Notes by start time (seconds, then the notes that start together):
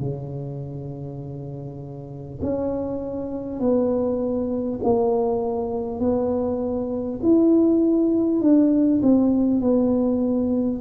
0.00 C#3
2.42 C#4
3.60 B3
4.84 A#3
6.00 B3
7.23 E4
8.42 D4
9.03 C4
9.61 B3